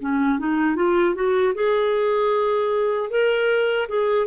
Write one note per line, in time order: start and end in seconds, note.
0.00 0.39 C#4
0.39 0.75 D#4
0.75 1.14 F4
1.14 1.53 F#4
1.54 3.10 G#4
3.10 3.87 A#4
3.88 4.26 G#4